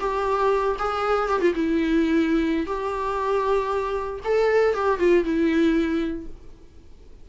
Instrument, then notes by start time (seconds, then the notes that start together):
viola
0.00 G4
0.79 G#4
1.29 G4
1.41 F4
1.55 E4
2.66 G4
4.25 A4
4.75 G4
4.99 F4
5.24 E4